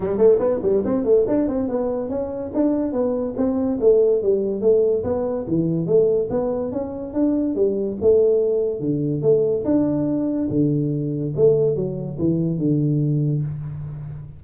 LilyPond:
\new Staff \with { instrumentName = "tuba" } { \time 4/4 \tempo 4 = 143 g8 a8 b8 g8 c'8 a8 d'8 c'8 | b4 cis'4 d'4 b4 | c'4 a4 g4 a4 | b4 e4 a4 b4 |
cis'4 d'4 g4 a4~ | a4 d4 a4 d'4~ | d'4 d2 a4 | fis4 e4 d2 | }